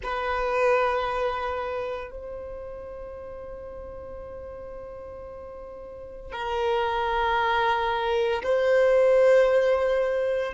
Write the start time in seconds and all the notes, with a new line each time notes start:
0.02 B4
2.11 C5
6.32 A#4
8.43 C5